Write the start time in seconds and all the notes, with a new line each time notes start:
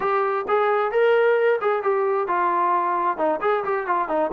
0.00 G4
0.48 G#4
0.91 A#4
1.61 G#4
1.82 G4
2.27 F4
3.17 D#4
3.41 G#4
3.64 G4
3.86 F4
4.08 D#4